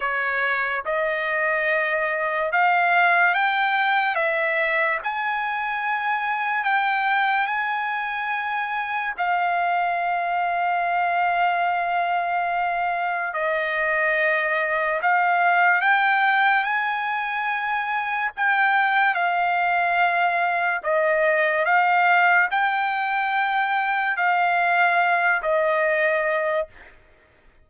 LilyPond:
\new Staff \with { instrumentName = "trumpet" } { \time 4/4 \tempo 4 = 72 cis''4 dis''2 f''4 | g''4 e''4 gis''2 | g''4 gis''2 f''4~ | f''1 |
dis''2 f''4 g''4 | gis''2 g''4 f''4~ | f''4 dis''4 f''4 g''4~ | g''4 f''4. dis''4. | }